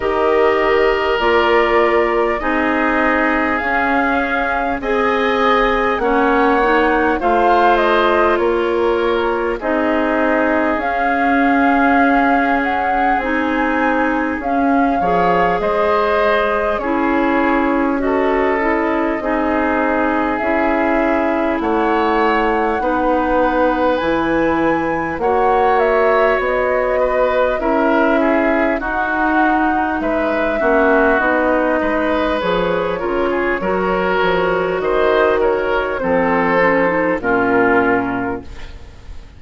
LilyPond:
<<
  \new Staff \with { instrumentName = "flute" } { \time 4/4 \tempo 4 = 50 dis''4 d''4 dis''4 f''4 | gis''4 fis''4 f''8 dis''8 cis''4 | dis''4 f''4. fis''8 gis''4 | f''4 dis''4 cis''4 dis''4~ |
dis''4 e''4 fis''2 | gis''4 fis''8 e''8 dis''4 e''4 | fis''4 e''4 dis''4 cis''4~ | cis''4 dis''8 cis''8 c''4 ais'4 | }
  \new Staff \with { instrumentName = "oboe" } { \time 4/4 ais'2 gis'2 | dis''4 cis''4 c''4 ais'4 | gis'1~ | gis'8 cis''8 c''4 gis'4 a'4 |
gis'2 cis''4 b'4~ | b'4 cis''4. b'8 ais'8 gis'8 | fis'4 b'8 fis'4 b'4 ais'16 gis'16 | ais'4 c''8 ais'8 a'4 f'4 | }
  \new Staff \with { instrumentName = "clarinet" } { \time 4/4 g'4 f'4 dis'4 cis'4 | gis'4 cis'8 dis'8 f'2 | dis'4 cis'2 dis'4 | cis'8 gis'4. e'4 fis'8 e'8 |
dis'4 e'2 dis'4 | e'4 fis'2 e'4 | dis'4. cis'8 dis'4 gis'8 f'8 | fis'2 c'8 cis'16 dis'16 cis'4 | }
  \new Staff \with { instrumentName = "bassoon" } { \time 4/4 dis4 ais4 c'4 cis'4 | c'4 ais4 a4 ais4 | c'4 cis'2 c'4 | cis'8 f8 gis4 cis'2 |
c'4 cis'4 a4 b4 | e4 ais4 b4 cis'4 | dis'4 gis8 ais8 b8 gis8 f8 cis8 | fis8 f8 dis4 f4 ais,4 | }
>>